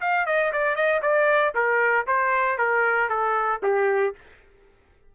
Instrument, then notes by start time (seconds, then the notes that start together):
trumpet
0.00 F5
0.26 D#5
0.52 D5
0.75 D#5
1.02 D5
1.54 A#4
2.06 C5
2.58 A#4
3.09 A4
3.63 G4